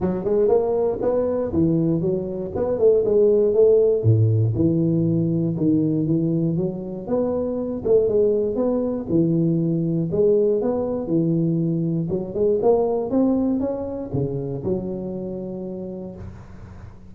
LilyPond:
\new Staff \with { instrumentName = "tuba" } { \time 4/4 \tempo 4 = 119 fis8 gis8 ais4 b4 e4 | fis4 b8 a8 gis4 a4 | a,4 e2 dis4 | e4 fis4 b4. a8 |
gis4 b4 e2 | gis4 b4 e2 | fis8 gis8 ais4 c'4 cis'4 | cis4 fis2. | }